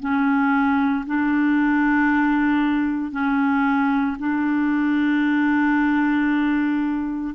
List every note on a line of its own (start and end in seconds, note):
0.00 1.05 C#4
1.06 3.11 D4
3.11 4.17 C#4
4.19 7.35 D4